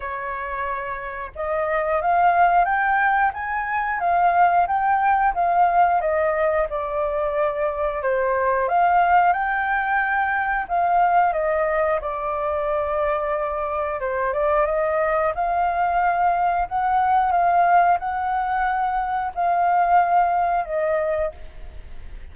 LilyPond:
\new Staff \with { instrumentName = "flute" } { \time 4/4 \tempo 4 = 90 cis''2 dis''4 f''4 | g''4 gis''4 f''4 g''4 | f''4 dis''4 d''2 | c''4 f''4 g''2 |
f''4 dis''4 d''2~ | d''4 c''8 d''8 dis''4 f''4~ | f''4 fis''4 f''4 fis''4~ | fis''4 f''2 dis''4 | }